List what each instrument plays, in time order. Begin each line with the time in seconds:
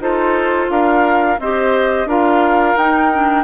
0.00 bassoon D#4, clarinet F4, oboe A4, flute C5
0.69 bassoon D4, oboe A#4, flute F5
1.39 bassoon C4, clarinet G4, oboe C5, flute D#5
2.06 bassoon D4, clarinet F4, oboe A#4, flute F5
2.76 bassoon D#4, clarinet D#4, flute G5
3.13 clarinet D4